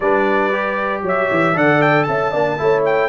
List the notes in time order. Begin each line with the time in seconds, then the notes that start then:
0.00 G3 D4 B4 D5
0.52 G4
1.02 F#3 C#5 E5
1.31 E3
1.54 D3 A4 D5 F#5
1.81 G5
2.03 C#4 E5 A5
2.31 A#3 D4 D5
2.58 A3 E4 C#5
2.85 G5